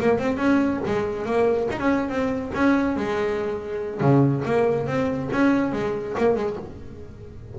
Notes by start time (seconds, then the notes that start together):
0.00 A#3
0.18 C4
0.37 C#4
0.86 G#3
1.26 A#3
1.71 D#4
1.79 C#4
2.09 C4
2.54 C#4
2.97 G#3
4.01 C#3
4.45 A#3
4.87 C4
5.32 C#4
5.72 G#3
6.17 A#3
6.35 G#3